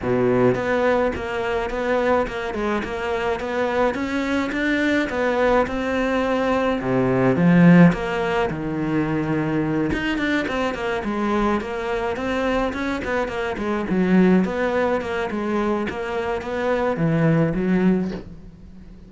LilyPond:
\new Staff \with { instrumentName = "cello" } { \time 4/4 \tempo 4 = 106 b,4 b4 ais4 b4 | ais8 gis8 ais4 b4 cis'4 | d'4 b4 c'2 | c4 f4 ais4 dis4~ |
dis4. dis'8 d'8 c'8 ais8 gis8~ | gis8 ais4 c'4 cis'8 b8 ais8 | gis8 fis4 b4 ais8 gis4 | ais4 b4 e4 fis4 | }